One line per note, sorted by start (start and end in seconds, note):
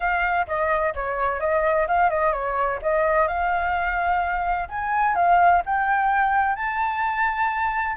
0.00 0.47 F5
0.47 0.94 D#5
0.94 1.40 C#5
1.40 1.87 D#5
1.87 2.10 F5
2.10 2.32 D#5
2.32 2.79 C#5
2.81 3.27 D#5
3.27 4.68 F5
4.69 5.15 G#5
5.15 5.62 F5
5.65 6.55 G5
6.55 7.96 A5